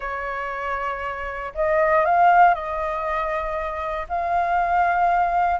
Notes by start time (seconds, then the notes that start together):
0.00 C#5
1.54 D#5
2.05 F5
2.54 D#5
4.09 F5